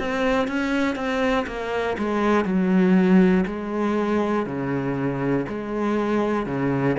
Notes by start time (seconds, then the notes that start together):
0.00 C4
0.48 C#4
0.96 C4
1.47 A#3
1.98 G#3
2.45 F#3
3.46 G#3
4.47 C#3
5.49 G#3
6.47 C#3